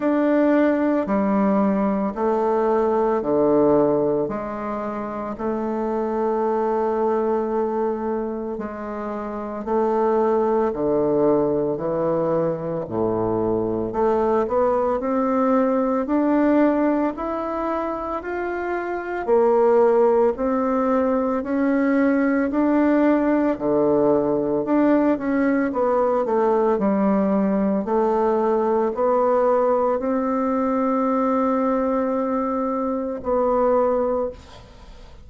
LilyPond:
\new Staff \with { instrumentName = "bassoon" } { \time 4/4 \tempo 4 = 56 d'4 g4 a4 d4 | gis4 a2. | gis4 a4 d4 e4 | a,4 a8 b8 c'4 d'4 |
e'4 f'4 ais4 c'4 | cis'4 d'4 d4 d'8 cis'8 | b8 a8 g4 a4 b4 | c'2. b4 | }